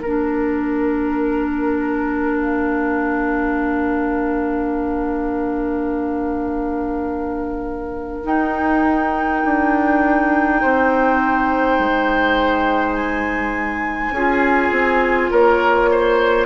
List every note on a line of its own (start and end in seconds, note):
0.00 8.24 A#3
0.00 8.24 D4
0.00 10.60 A#4
0.00 2.37 A#4
2.37 8.25 F5
8.24 14.12 D#4
8.24 9.44 D#4
8.24 12.95 G5
9.45 10.62 D4
10.62 11.79 C4
10.62 14.15 C5
11.79 14.11 G#3
12.95 15.30 G#5
14.11 14.70 C#4
14.11 16.46 F4
14.11 15.31 G#4
14.71 15.30 C4
15.31 16.46 A#3
15.31 15.90 A#4
15.31 16.46 C#5
15.92 16.46 C5